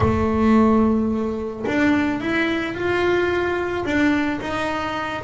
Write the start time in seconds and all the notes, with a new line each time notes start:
0.00 A3
1.66 D4
2.20 E4
2.74 F4
3.85 D4
4.40 D#4